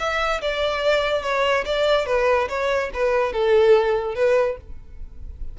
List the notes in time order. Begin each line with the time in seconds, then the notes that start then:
0.00 E5
0.42 D5
1.23 C#5
1.66 D5
2.07 B4
2.49 C#5
2.94 B4
3.33 A4
4.16 B4